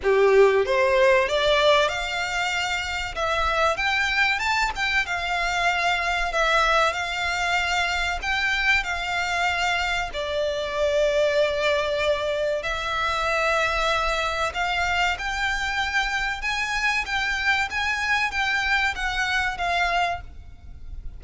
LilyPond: \new Staff \with { instrumentName = "violin" } { \time 4/4 \tempo 4 = 95 g'4 c''4 d''4 f''4~ | f''4 e''4 g''4 a''8 g''8 | f''2 e''4 f''4~ | f''4 g''4 f''2 |
d''1 | e''2. f''4 | g''2 gis''4 g''4 | gis''4 g''4 fis''4 f''4 | }